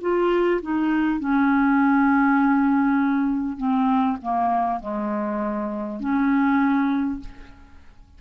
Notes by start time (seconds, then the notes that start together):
0.00 F4
0.62 D#4
1.19 C#4
3.57 C4
4.21 A#3
4.80 G#3
5.99 C#4